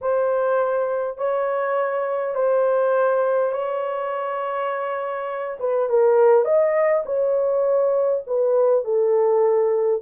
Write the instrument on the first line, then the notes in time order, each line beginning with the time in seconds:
horn
0.01 C5
1.17 C#5
2.34 C5
3.51 C#5
5.59 B4
5.89 A#4
6.44 D#5
7.05 C#5
8.26 B4
8.84 A4